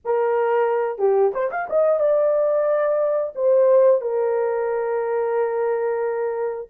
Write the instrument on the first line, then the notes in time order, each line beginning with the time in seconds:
horn
0.05 A#4
0.98 G4
1.34 C5
1.51 F5
1.69 D#5
1.99 D5
3.35 C5
4.01 A#4